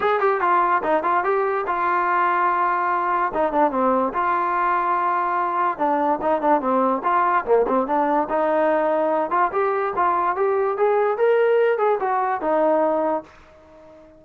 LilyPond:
\new Staff \with { instrumentName = "trombone" } { \time 4/4 \tempo 4 = 145 gis'8 g'8 f'4 dis'8 f'8 g'4 | f'1 | dis'8 d'8 c'4 f'2~ | f'2 d'4 dis'8 d'8 |
c'4 f'4 ais8 c'8 d'4 | dis'2~ dis'8 f'8 g'4 | f'4 g'4 gis'4 ais'4~ | ais'8 gis'8 fis'4 dis'2 | }